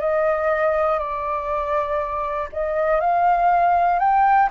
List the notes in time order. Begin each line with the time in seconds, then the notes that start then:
0.00 D#5
0.99 D5
2.52 D#5
3.00 F5
3.99 G5